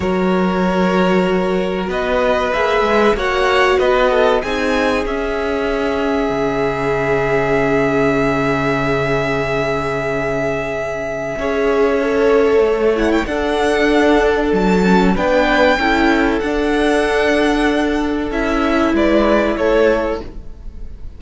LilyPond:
<<
  \new Staff \with { instrumentName = "violin" } { \time 4/4 \tempo 4 = 95 cis''2. dis''4 | e''4 fis''4 dis''4 gis''4 | e''1~ | e''1~ |
e''1~ | e''8 fis''16 g''16 fis''2 a''4 | g''2 fis''2~ | fis''4 e''4 d''4 cis''4 | }
  \new Staff \with { instrumentName = "violin" } { \time 4/4 ais'2. b'4~ | b'4 cis''4 b'8 a'8 gis'4~ | gis'1~ | gis'1~ |
gis'2 cis''2~ | cis''4 a'2. | b'4 a'2.~ | a'2 b'4 a'4 | }
  \new Staff \with { instrumentName = "viola" } { \time 4/4 fis'1 | gis'4 fis'2 dis'4 | cis'1~ | cis'1~ |
cis'2 gis'4 a'4~ | a'8 e'8 d'2~ d'8 cis'8 | d'4 e'4 d'2~ | d'4 e'2. | }
  \new Staff \with { instrumentName = "cello" } { \time 4/4 fis2. b4 | ais8 gis8 ais4 b4 c'4 | cis'2 cis2~ | cis1~ |
cis2 cis'2 | a4 d'2 fis4 | b4 cis'4 d'2~ | d'4 cis'4 gis4 a4 | }
>>